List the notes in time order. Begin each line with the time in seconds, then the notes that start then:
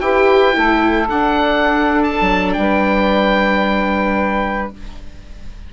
0.00 E4 G4 B4 G5
0.52 A3 E4 A4
1.08 D4 F#5
2.03 A5
2.21 F#3
2.53 G3 B4 G5